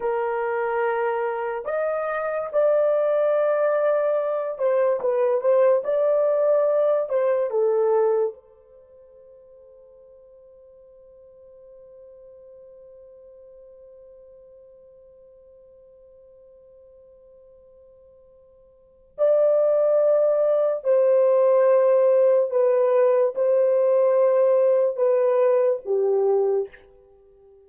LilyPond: \new Staff \with { instrumentName = "horn" } { \time 4/4 \tempo 4 = 72 ais'2 dis''4 d''4~ | d''4. c''8 b'8 c''8 d''4~ | d''8 c''8 a'4 c''2~ | c''1~ |
c''1~ | c''2. d''4~ | d''4 c''2 b'4 | c''2 b'4 g'4 | }